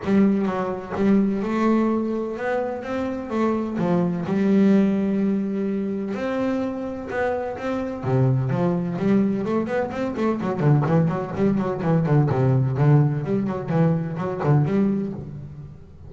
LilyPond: \new Staff \with { instrumentName = "double bass" } { \time 4/4 \tempo 4 = 127 g4 fis4 g4 a4~ | a4 b4 c'4 a4 | f4 g2.~ | g4 c'2 b4 |
c'4 c4 f4 g4 | a8 b8 c'8 a8 fis8 d8 e8 fis8 | g8 fis8 e8 d8 c4 d4 | g8 fis8 e4 fis8 d8 g4 | }